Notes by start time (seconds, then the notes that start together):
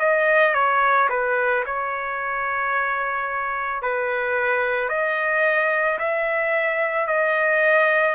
0.00 D#5
0.55 C#5
1.10 B4
1.66 C#5
3.82 B4
4.89 D#5
5.99 E5
7.08 D#5